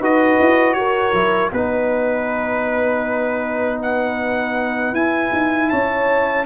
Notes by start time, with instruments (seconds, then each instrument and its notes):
0.00 tuba D#4, trombone F#4, horn B4, trumpet D#5
0.40 tuba E4
0.74 tuba F#4, horn A#4, trumpet C#5
1.14 tuba F#3, trombone E4
1.53 tuba B3, trombone D#4, horn B4, trumpet B4
3.83 trumpet F#5
4.93 tuba E4, trombone E4, trumpet G#5
5.33 tuba D#4
5.70 tuba C#4, horn C#5, trumpet A5